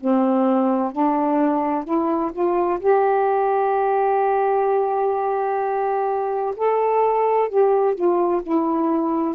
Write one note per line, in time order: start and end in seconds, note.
0.00 0.92 C4
0.92 1.84 D4
1.84 2.31 E4
2.32 2.79 F4
2.79 6.54 G4
6.56 7.49 A4
7.49 7.95 G4
7.95 8.42 F4
8.42 9.35 E4